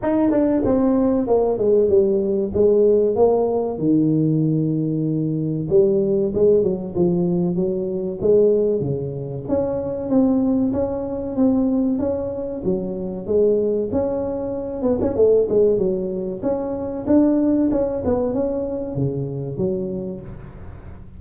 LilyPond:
\new Staff \with { instrumentName = "tuba" } { \time 4/4 \tempo 4 = 95 dis'8 d'8 c'4 ais8 gis8 g4 | gis4 ais4 dis2~ | dis4 g4 gis8 fis8 f4 | fis4 gis4 cis4 cis'4 |
c'4 cis'4 c'4 cis'4 | fis4 gis4 cis'4. b16 cis'16 | a8 gis8 fis4 cis'4 d'4 | cis'8 b8 cis'4 cis4 fis4 | }